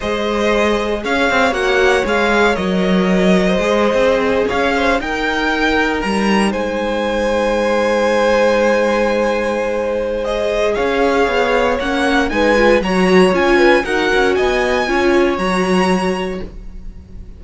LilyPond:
<<
  \new Staff \with { instrumentName = "violin" } { \time 4/4 \tempo 4 = 117 dis''2 f''4 fis''4 | f''4 dis''2.~ | dis''8. f''4 g''2 ais''16~ | ais''8. gis''2.~ gis''16~ |
gis''1 | dis''4 f''2 fis''4 | gis''4 ais''4 gis''4 fis''4 | gis''2 ais''2 | }
  \new Staff \with { instrumentName = "violin" } { \time 4/4 c''2 cis''2~ | cis''2~ cis''8. c''4~ c''16~ | c''8. cis''8 c''8 ais'2~ ais'16~ | ais'8. c''2.~ c''16~ |
c''1~ | c''4 cis''2. | b'4 cis''4. b'8 ais'4 | dis''4 cis''2. | }
  \new Staff \with { instrumentName = "viola" } { \time 4/4 gis'2. fis'4 | gis'4 ais'2 gis'4~ | gis'4.~ gis'16 dis'2~ dis'16~ | dis'1~ |
dis'1 | gis'2. cis'4 | dis'8 f'8 fis'4 f'4 fis'4~ | fis'4 f'4 fis'2 | }
  \new Staff \with { instrumentName = "cello" } { \time 4/4 gis2 cis'8 c'8 ais4 | gis4 fis2 gis8. c'16~ | c'8. cis'4 dis'2 g16~ | g8. gis2.~ gis16~ |
gis1~ | gis4 cis'4 b4 ais4 | gis4 fis4 cis'4 dis'8 cis'8 | b4 cis'4 fis2 | }
>>